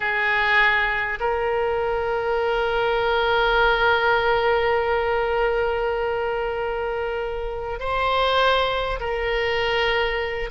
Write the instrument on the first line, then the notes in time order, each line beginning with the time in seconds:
oboe
0.00 G#4
1.20 A#4
7.79 C5
9.00 A#4